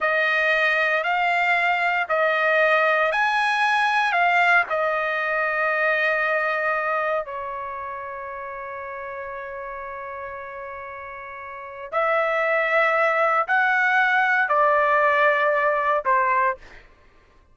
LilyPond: \new Staff \with { instrumentName = "trumpet" } { \time 4/4 \tempo 4 = 116 dis''2 f''2 | dis''2 gis''2 | f''4 dis''2.~ | dis''2 cis''2~ |
cis''1~ | cis''2. e''4~ | e''2 fis''2 | d''2. c''4 | }